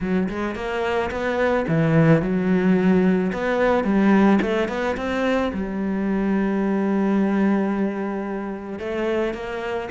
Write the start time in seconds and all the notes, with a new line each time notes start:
0.01 F#3
0.29 G#3
0.55 A#3
1.10 B3
1.68 E3
2.22 F#3
3.33 B3
3.84 G3
4.41 A3
4.68 B3
4.97 C4
5.53 G3
8.79 A3
9.34 A#3